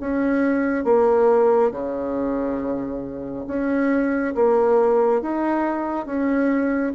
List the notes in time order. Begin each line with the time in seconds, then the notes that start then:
0.00 C#4
0.84 A#3
1.72 C#3
3.47 C#4
4.35 A#3
5.22 D#4
6.06 C#4